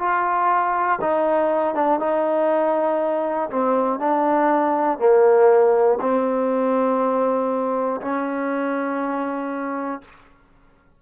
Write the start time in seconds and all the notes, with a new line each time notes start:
0.00 F4
1.01 D#4
1.75 D4
2.00 D#4
3.50 C4
4.00 D4
4.99 A#3
6.01 C4
8.02 C#4